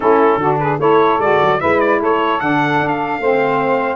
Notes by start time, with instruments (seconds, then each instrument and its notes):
0.00 tuba A3, saxophone C#4 E4, trumpet A4
0.36 tuba D3, saxophone D4 F#4
0.59 saxophone G#4, trumpet B4
0.78 tuba A3, saxophone E4 A4, trumpet C#5
1.19 tuba G#3, saxophone F#4, trumpet D5
1.42 tuba F#3
1.58 tuba G#3, saxophone E4 B4, trumpet E5
1.80 trumpet D5
1.99 tuba A3, saxophone A4, trumpet C#5
2.40 tuba D3, saxophone D4, trumpet F#5
2.79 tuba D4
2.87 trumpet F5
3.19 tuba A3, saxophone C4 C5